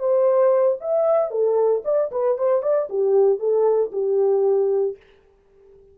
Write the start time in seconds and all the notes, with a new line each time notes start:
0.00 C5
0.81 E5
1.31 A4
1.85 D5
2.12 B4
2.38 C5
2.63 D5
2.90 G4
3.39 A4
3.92 G4